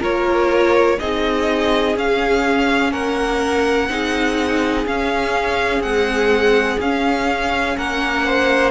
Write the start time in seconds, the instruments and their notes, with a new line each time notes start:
0.00 cello A#3, viola F4, violin A#4 C#5
0.99 cello C4, viola D#4, violin G#4 D#5
1.96 cello C#4, viola C#4, violin F5
2.92 cello A#3, violin A#4 F#5
3.89 cello C4, viola D#4, violin G#4
4.85 viola C#4, cello C#4, violin F5
5.80 viola G#3, cello C4, violin F#5
6.80 cello C#4, viola C#4, violin F5
7.77 cello A#3, violin A#4 F#5
8.25 violin C5